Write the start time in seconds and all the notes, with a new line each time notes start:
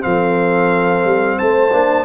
0.00 F3 C4 A4 F5
1.04 G3
1.38 A3 C5 A5
1.72 A#3 D4